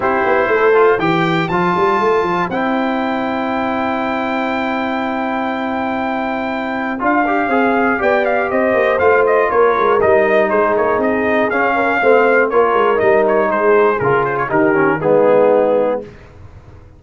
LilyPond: <<
  \new Staff \with { instrumentName = "trumpet" } { \time 4/4 \tempo 4 = 120 c''2 g''4 a''4~ | a''4 g''2.~ | g''1~ | g''2 f''2 |
g''8 f''8 dis''4 f''8 dis''8 cis''4 | dis''4 c''8 cis''8 dis''4 f''4~ | f''4 cis''4 dis''8 cis''8 c''4 | ais'8 c''16 cis''16 ais'4 gis'2 | }
  \new Staff \with { instrumentName = "horn" } { \time 4/4 g'4 a'4 c''2~ | c''1~ | c''1~ | c''1 |
d''4 c''2 ais'4~ | ais'4 gis'2~ gis'8 ais'8 | c''4 ais'2 gis'4~ | gis'4 g'4 dis'2 | }
  \new Staff \with { instrumentName = "trombone" } { \time 4/4 e'4. f'8 g'4 f'4~ | f'4 e'2.~ | e'1~ | e'2 f'8 g'8 gis'4 |
g'2 f'2 | dis'2. cis'4 | c'4 f'4 dis'2 | f'4 dis'8 cis'8 b2 | }
  \new Staff \with { instrumentName = "tuba" } { \time 4/4 c'8 b8 a4 e4 f8 g8 | a8 f8 c'2.~ | c'1~ | c'2 d'4 c'4 |
b4 c'8 ais8 a4 ais8 gis8 | g4 gis8 ais8 c'4 cis'4 | a4 ais8 gis8 g4 gis4 | cis4 dis4 gis2 | }
>>